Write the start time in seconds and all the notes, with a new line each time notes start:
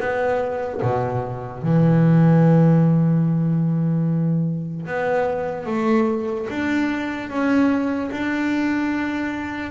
0.00 B3
0.82 B2
1.63 E3
4.87 B3
5.66 A3
6.50 D4
7.30 C#4
8.11 D4